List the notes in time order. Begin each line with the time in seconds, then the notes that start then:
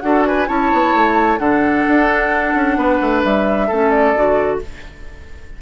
0.00 D4 F#4 A4 F#5
0.25 B4 G#5
0.46 C#4 E4 C#5 A5
0.73 B3
0.94 A3
1.38 D3 D4 A4 F#5
1.87 D4
2.54 C#4
2.76 B3 B4
3.01 A3
3.23 G3 E5
3.67 A3 C#4 A4
3.90 D5
4.15 D3 F#4